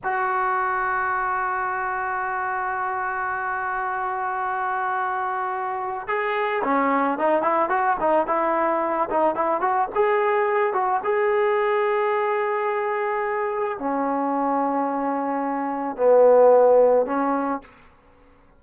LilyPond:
\new Staff \with { instrumentName = "trombone" } { \time 4/4 \tempo 4 = 109 fis'1~ | fis'1~ | fis'2. gis'4 | cis'4 dis'8 e'8 fis'8 dis'8 e'4~ |
e'8 dis'8 e'8 fis'8 gis'4. fis'8 | gis'1~ | gis'4 cis'2.~ | cis'4 b2 cis'4 | }